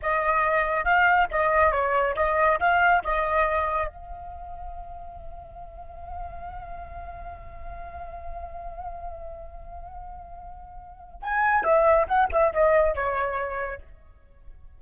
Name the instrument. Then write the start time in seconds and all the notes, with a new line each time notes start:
flute
0.01 D#5
0.84 F5
1.31 D#5
1.72 C#5
2.15 D#5
2.59 F5
3.03 D#5
3.87 F5
11.22 G#5
11.63 E5
12.07 F#5
12.32 E5
12.53 D#5
12.95 C#5